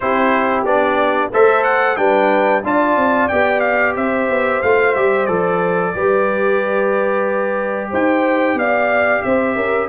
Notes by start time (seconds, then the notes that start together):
0.00 C4 E4 G4 C5
0.64 B3 D4 D5
1.31 A3 A4 C5 E5
1.63 F#5
1.96 G3 D4 B4 G5
2.63 D4 F4 D5 A5
2.96 C4
3.28 B3 G4 G5
3.59 F5
3.95 C4 C5 E5
4.29 B3
4.62 A3 F4 F5
4.94 G3 G4 E5
5.25 F3 A4 D5
5.94 G3 G4 B4
7.90 D#4 C5 G5
8.54 B3 D5 F5
9.22 C4 C5 E5
9.55 C#4 A#4